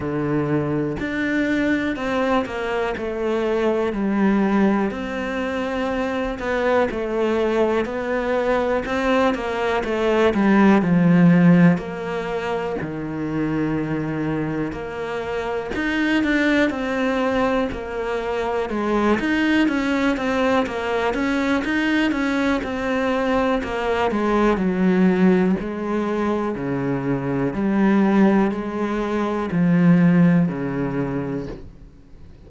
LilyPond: \new Staff \with { instrumentName = "cello" } { \time 4/4 \tempo 4 = 61 d4 d'4 c'8 ais8 a4 | g4 c'4. b8 a4 | b4 c'8 ais8 a8 g8 f4 | ais4 dis2 ais4 |
dis'8 d'8 c'4 ais4 gis8 dis'8 | cis'8 c'8 ais8 cis'8 dis'8 cis'8 c'4 | ais8 gis8 fis4 gis4 cis4 | g4 gis4 f4 cis4 | }